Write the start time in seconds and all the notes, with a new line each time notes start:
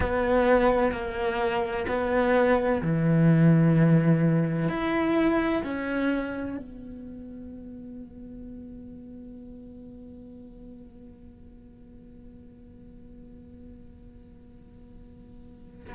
0.00 B3
0.92 A#3
1.87 B3
2.82 E3
4.69 E4
5.63 C#4
6.57 B3